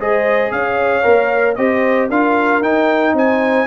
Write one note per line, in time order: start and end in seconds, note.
0.00 0.52 G#3
0.00 1.03 G#4
0.00 0.53 C5
0.00 0.52 D#5
0.52 1.04 C#4
0.52 1.58 C#5
0.52 1.56 F5
1.03 1.57 A#3
1.03 1.56 A#4
1.56 2.10 C4
1.56 2.11 G4
1.56 2.09 C5
1.56 2.08 D#5
2.09 2.62 D4
2.09 2.63 F4
2.09 3.14 A#4
2.09 2.63 F5
2.62 3.13 D#4
2.62 3.68 D#4
2.62 3.16 G5
3.13 3.66 C4
3.13 3.68 C5
3.13 3.68 G#5